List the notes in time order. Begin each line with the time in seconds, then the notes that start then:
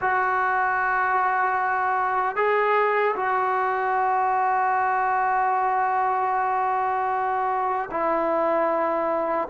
0.01 F#4
2.36 G#4
3.16 F#4
7.90 E4